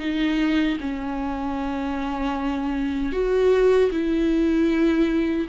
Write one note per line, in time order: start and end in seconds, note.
0.00 0.78 D#4
0.81 3.13 C#4
3.13 3.91 F#4
3.92 5.48 E4